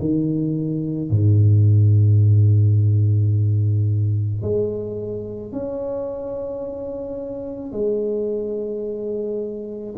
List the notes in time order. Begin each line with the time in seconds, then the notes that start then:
0.00 D#3
1.11 G#2
4.42 G#3
5.53 C#4
7.73 G#3